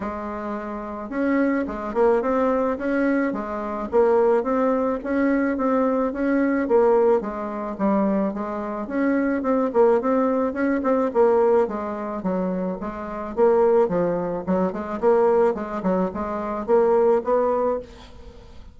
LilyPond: \new Staff \with { instrumentName = "bassoon" } { \time 4/4 \tempo 4 = 108 gis2 cis'4 gis8 ais8 | c'4 cis'4 gis4 ais4 | c'4 cis'4 c'4 cis'4 | ais4 gis4 g4 gis4 |
cis'4 c'8 ais8 c'4 cis'8 c'8 | ais4 gis4 fis4 gis4 | ais4 f4 fis8 gis8 ais4 | gis8 fis8 gis4 ais4 b4 | }